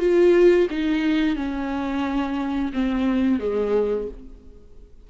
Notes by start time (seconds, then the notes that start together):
0.00 F4
0.71 D#4
1.36 C#4
2.73 C4
3.40 G#3